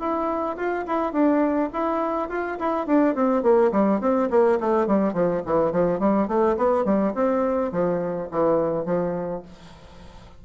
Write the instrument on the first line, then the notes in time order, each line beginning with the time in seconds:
bassoon
0.00 E4
0.57 F4
0.87 E4
1.13 D4
1.74 E4
2.30 F4
2.59 E4
2.87 D4
3.16 C4
3.43 A#3
3.72 G3
4.01 C4
4.30 A#3
4.61 A3
4.88 G3
5.14 F3
5.46 E3
5.72 F3
6.00 G3
6.28 A3
6.57 B3
6.85 G3
7.15 C4
7.72 F3
8.32 E3
8.86 F3